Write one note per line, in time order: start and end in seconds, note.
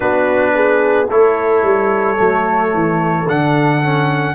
0.00 1.09 B3
0.00 1.07 D4
0.00 0.52 F#4
0.00 1.08 B4
0.55 1.08 G#4
1.08 1.62 A3
1.08 2.16 E4
1.08 4.35 A4
1.08 3.28 C#5
1.62 2.17 G3
2.16 2.73 F#3
2.16 3.25 A3
2.73 3.26 E3
3.26 4.35 D3
3.26 3.82 D4
3.26 4.35 F#5
3.82 4.35 C#4